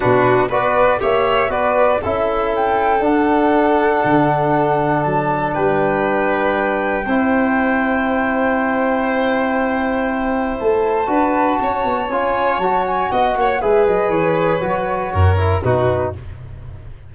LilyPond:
<<
  \new Staff \with { instrumentName = "flute" } { \time 4/4 \tempo 4 = 119 b'4 d''4 e''4 d''4 | e''4 g''4 fis''2~ | fis''2 a''4 g''4~ | g''1~ |
g''1~ | g''4 a''2. | gis''4 a''8 gis''8 fis''4 e''8 dis''8 | cis''2. b'4 | }
  \new Staff \with { instrumentName = "violin" } { \time 4/4 fis'4 b'4 cis''4 b'4 | a'1~ | a'2. b'4~ | b'2 c''2~ |
c''1~ | c''2 b'4 cis''4~ | cis''2 dis''8 cis''8 b'4~ | b'2 ais'4 fis'4 | }
  \new Staff \with { instrumentName = "trombone" } { \time 4/4 d'4 fis'4 g'4 fis'4 | e'2 d'2~ | d'1~ | d'2 e'2~ |
e'1~ | e'2 fis'2 | f'4 fis'2 gis'4~ | gis'4 fis'4. e'8 dis'4 | }
  \new Staff \with { instrumentName = "tuba" } { \time 4/4 b,4 b4 ais4 b4 | cis'2 d'2 | d2 fis4 g4~ | g2 c'2~ |
c'1~ | c'4 a4 d'4 cis'8 b8 | cis'4 fis4 b8 ais8 gis8 fis8 | e4 fis4 fis,4 b,4 | }
>>